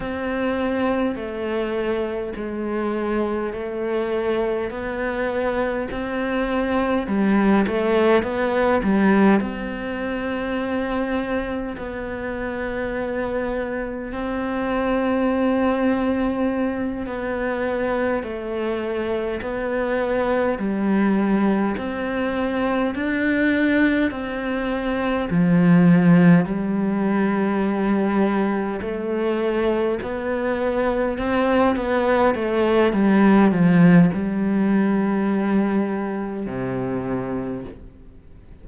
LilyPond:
\new Staff \with { instrumentName = "cello" } { \time 4/4 \tempo 4 = 51 c'4 a4 gis4 a4 | b4 c'4 g8 a8 b8 g8 | c'2 b2 | c'2~ c'8 b4 a8~ |
a8 b4 g4 c'4 d'8~ | d'8 c'4 f4 g4.~ | g8 a4 b4 c'8 b8 a8 | g8 f8 g2 c4 | }